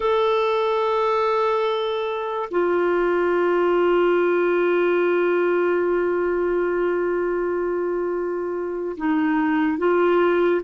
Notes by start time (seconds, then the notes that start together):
0.00 A4
2.50 F4
8.97 D#4
9.78 F4